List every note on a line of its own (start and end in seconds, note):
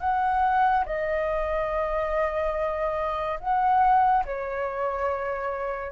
0.00 0.85 F#5
0.85 3.39 D#5
3.40 4.24 F#5
4.25 5.92 C#5